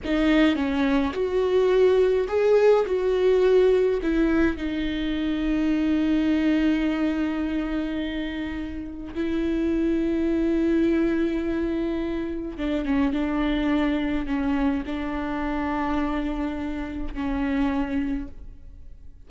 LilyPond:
\new Staff \with { instrumentName = "viola" } { \time 4/4 \tempo 4 = 105 dis'4 cis'4 fis'2 | gis'4 fis'2 e'4 | dis'1~ | dis'1 |
e'1~ | e'2 d'8 cis'8 d'4~ | d'4 cis'4 d'2~ | d'2 cis'2 | }